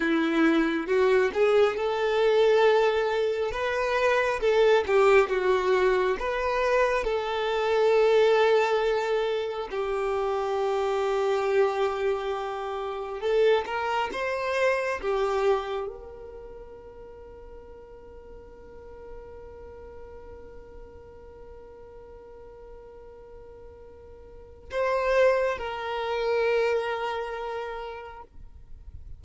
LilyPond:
\new Staff \with { instrumentName = "violin" } { \time 4/4 \tempo 4 = 68 e'4 fis'8 gis'8 a'2 | b'4 a'8 g'8 fis'4 b'4 | a'2. g'4~ | g'2. a'8 ais'8 |
c''4 g'4 ais'2~ | ais'1~ | ais'1 | c''4 ais'2. | }